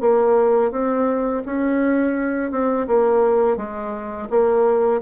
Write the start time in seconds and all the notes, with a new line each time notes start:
0.00 A#3
0.71 C4
1.45 C#4
2.51 C4
2.87 A#3
3.56 G#3
4.30 A#3